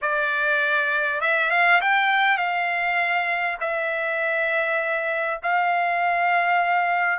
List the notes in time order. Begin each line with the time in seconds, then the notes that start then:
0.01 D5
1.20 E5
1.51 F5
1.81 G5
2.37 F5
3.60 E5
5.42 F5